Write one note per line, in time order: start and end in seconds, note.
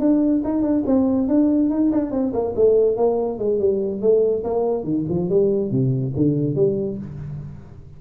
0.00 0.42 D4
0.45 0.62 D#4
0.62 0.84 D4
0.86 1.28 C4
1.28 1.70 D4
1.70 1.91 D#4
1.92 2.11 D4
2.11 2.32 C4
2.33 2.54 A#3
2.56 2.97 A3
2.97 3.39 A#3
3.39 3.60 G#3
3.60 4.02 G3
4.02 4.44 A3
4.44 4.84 A#3
4.84 5.06 D#3
5.10 5.30 F3
5.30 5.71 G3
5.71 6.13 C3
6.16 6.56 D3
6.56 6.98 G3